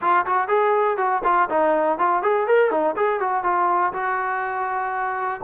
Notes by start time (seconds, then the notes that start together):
0.01 F4
0.26 F#4
0.48 G#4
0.97 F#4
1.24 F4
1.49 D#4
1.98 F4
2.22 G#4
2.47 A#4
2.70 D#4
2.96 G#4
3.20 F#4
3.43 F4
3.93 F#4